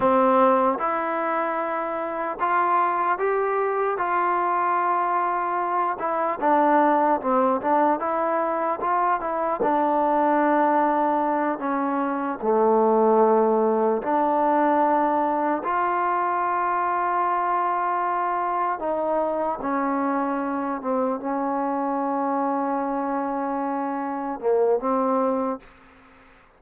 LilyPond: \new Staff \with { instrumentName = "trombone" } { \time 4/4 \tempo 4 = 75 c'4 e'2 f'4 | g'4 f'2~ f'8 e'8 | d'4 c'8 d'8 e'4 f'8 e'8 | d'2~ d'8 cis'4 a8~ |
a4. d'2 f'8~ | f'2.~ f'8 dis'8~ | dis'8 cis'4. c'8 cis'4.~ | cis'2~ cis'8 ais8 c'4 | }